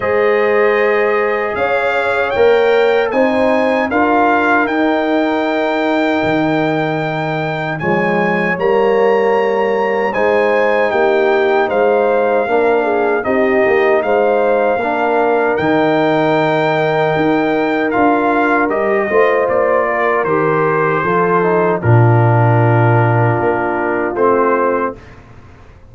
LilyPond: <<
  \new Staff \with { instrumentName = "trumpet" } { \time 4/4 \tempo 4 = 77 dis''2 f''4 g''4 | gis''4 f''4 g''2~ | g''2 gis''4 ais''4~ | ais''4 gis''4 g''4 f''4~ |
f''4 dis''4 f''2 | g''2. f''4 | dis''4 d''4 c''2 | ais'2. c''4 | }
  \new Staff \with { instrumentName = "horn" } { \time 4/4 c''2 cis''2 | c''4 ais'2.~ | ais'2 cis''2~ | cis''4 c''4 g'4 c''4 |
ais'8 gis'8 g'4 c''4 ais'4~ | ais'1~ | ais'8 c''4 ais'4. a'4 | f'1 | }
  \new Staff \with { instrumentName = "trombone" } { \time 4/4 gis'2. ais'4 | dis'4 f'4 dis'2~ | dis'2 gis4 ais4~ | ais4 dis'2. |
d'4 dis'2 d'4 | dis'2. f'4 | g'8 f'4. g'4 f'8 dis'8 | d'2. c'4 | }
  \new Staff \with { instrumentName = "tuba" } { \time 4/4 gis2 cis'4 ais4 | c'4 d'4 dis'2 | dis2 f4 g4~ | g4 gis4 ais4 gis4 |
ais4 c'8 ais8 gis4 ais4 | dis2 dis'4 d'4 | g8 a8 ais4 dis4 f4 | ais,2 ais4 a4 | }
>>